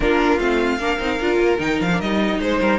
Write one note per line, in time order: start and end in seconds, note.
0.00 0.38 A#3
0.00 0.38 D4
0.00 0.79 F4
0.00 0.39 A#4
0.38 0.78 A3
0.38 0.78 C4
0.38 1.59 F5
0.78 0.98 A#3
0.78 0.99 D4
0.78 2.39 A#4
0.99 1.19 C4
0.99 1.19 D#4
1.19 1.38 D4
1.19 1.58 F4
1.38 1.58 A#3
1.58 1.79 D#3
1.58 1.88 D#4
1.58 1.79 G5
1.80 2.00 F3
1.80 2.01 F5
1.93 2.02 D4
2.00 2.39 G3
2.00 2.79 D#4
2.00 2.41 D#5
2.39 2.59 G#3
2.39 2.60 C5
2.39 2.79 C5
2.60 2.79 G3
2.60 2.79 A#4